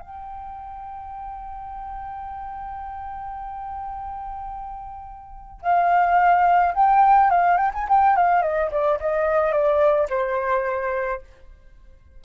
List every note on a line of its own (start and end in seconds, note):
0.00 5.61 G5
5.62 6.74 F5
6.75 7.30 G5
7.30 7.57 F5
7.57 7.71 G5
7.74 7.88 G#5
7.89 8.17 G5
8.17 8.42 F5
8.42 8.70 D#5
8.71 8.99 D5
9.00 9.52 D#5
9.52 10.08 D5
10.10 11.22 C5